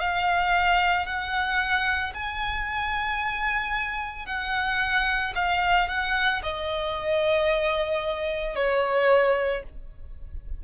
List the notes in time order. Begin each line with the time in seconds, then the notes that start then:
0.00 F5
1.06 F#5
2.14 G#5
4.26 F#5
5.36 F5
5.89 F#5
6.43 D#5
8.56 C#5